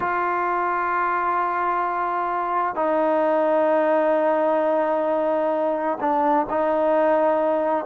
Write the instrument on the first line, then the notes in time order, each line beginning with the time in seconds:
trombone
0.00 F4
2.74 D#4
6.00 D4
6.49 D#4